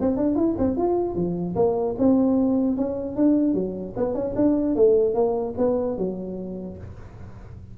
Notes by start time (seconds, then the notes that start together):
0.00 C4
0.16 D4
0.35 E4
0.58 C4
0.76 F4
1.15 F3
1.55 A#3
1.98 C4
2.76 C#4
3.15 D4
3.54 F#3
3.96 B3
4.14 C#4
4.35 D4
4.75 A3
5.14 A#3
5.57 B3
5.97 F#3